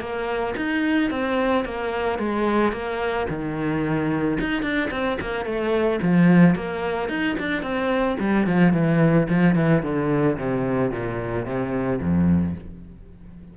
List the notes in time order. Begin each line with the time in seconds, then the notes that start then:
0.00 A#3
0.56 D#4
1.10 C4
1.65 A#3
2.19 G#3
2.72 A#3
3.29 D#3
4.40 D#4
4.62 D4
4.91 C4
5.21 A#3
5.45 A3
6.02 F3
6.55 A#3
7.09 D#4
7.39 D4
7.62 C4
8.19 G3
8.47 F3
8.73 E3
9.29 F3
9.55 E3
9.83 D3
10.38 C3
10.91 A#2
11.45 C3
12.01 F2